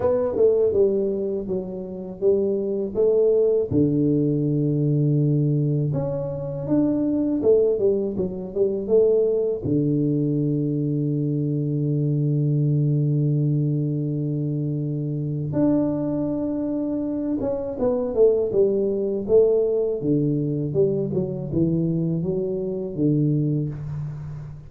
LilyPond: \new Staff \with { instrumentName = "tuba" } { \time 4/4 \tempo 4 = 81 b8 a8 g4 fis4 g4 | a4 d2. | cis'4 d'4 a8 g8 fis8 g8 | a4 d2.~ |
d1~ | d4 d'2~ d'8 cis'8 | b8 a8 g4 a4 d4 | g8 fis8 e4 fis4 d4 | }